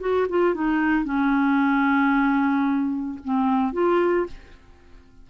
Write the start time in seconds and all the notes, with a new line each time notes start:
0.00 F#4
0.29 F4
0.54 D#4
1.04 C#4
3.24 C4
3.73 F4